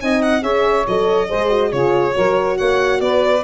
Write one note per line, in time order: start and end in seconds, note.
0.00 0.42 C4
0.00 0.42 D#4
0.00 0.42 D#5
0.00 0.21 G#5
0.22 0.43 F#5
0.42 0.85 C#4
0.42 0.85 G#4
0.42 1.27 C#5
0.42 0.86 E5
0.87 1.30 F#3
0.87 1.28 A4
0.87 1.72 D#5
1.27 1.72 G#3
1.27 1.49 G#4
1.27 1.70 C5
1.49 1.70 F#4
1.72 2.15 C#3
1.72 2.11 F4
1.72 2.14 G#4
1.72 2.57 C#5
2.11 2.60 F#3
2.11 3.40 F#4
2.11 2.56 A#4
2.56 3.00 A#3
2.56 2.99 C#5
2.56 3.00 F#5
3.00 3.43 B3
3.00 3.43 B4
3.00 3.43 D5